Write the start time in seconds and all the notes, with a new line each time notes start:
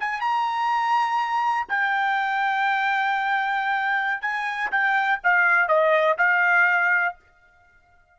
0.00 G#5
0.21 A#5
1.69 G5
4.22 G#5
4.71 G5
5.24 F5
5.69 D#5
6.18 F5